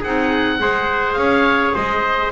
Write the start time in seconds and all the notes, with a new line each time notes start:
0.00 C4 D#4 G#4 F#5
0.59 G#3 G#4 C5
1.13 C#4 C#5 F5
1.74 G#3 C5 D#5